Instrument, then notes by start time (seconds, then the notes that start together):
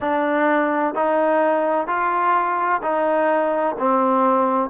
trombone
0.00 D4
0.94 D#4
1.87 F4
2.82 D#4
3.78 C4